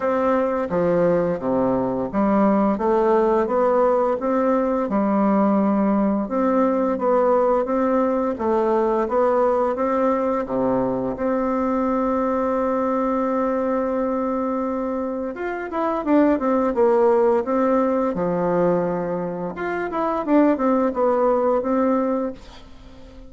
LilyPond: \new Staff \with { instrumentName = "bassoon" } { \time 4/4 \tempo 4 = 86 c'4 f4 c4 g4 | a4 b4 c'4 g4~ | g4 c'4 b4 c'4 | a4 b4 c'4 c4 |
c'1~ | c'2 f'8 e'8 d'8 c'8 | ais4 c'4 f2 | f'8 e'8 d'8 c'8 b4 c'4 | }